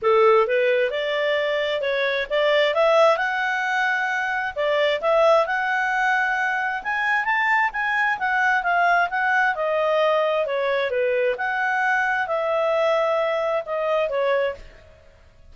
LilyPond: \new Staff \with { instrumentName = "clarinet" } { \time 4/4 \tempo 4 = 132 a'4 b'4 d''2 | cis''4 d''4 e''4 fis''4~ | fis''2 d''4 e''4 | fis''2. gis''4 |
a''4 gis''4 fis''4 f''4 | fis''4 dis''2 cis''4 | b'4 fis''2 e''4~ | e''2 dis''4 cis''4 | }